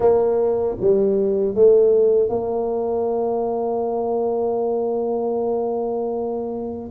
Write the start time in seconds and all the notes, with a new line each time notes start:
0.00 A#3
0.80 G3
1.54 A3
2.29 A#3